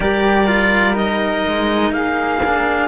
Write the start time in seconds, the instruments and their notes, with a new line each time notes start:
0.00 cello G3 G4, flute A#4, clarinet D5
0.47 cello F4
0.93 cello D#4, clarinet D#5
1.46 cello G#3
1.91 cello A#3, flute G#4, clarinet F5
2.45 cello D4